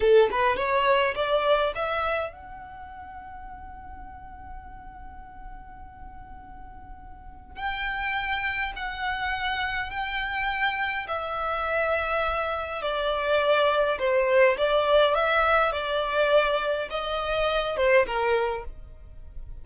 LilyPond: \new Staff \with { instrumentName = "violin" } { \time 4/4 \tempo 4 = 103 a'8 b'8 cis''4 d''4 e''4 | fis''1~ | fis''1~ | fis''4 g''2 fis''4~ |
fis''4 g''2 e''4~ | e''2 d''2 | c''4 d''4 e''4 d''4~ | d''4 dis''4. c''8 ais'4 | }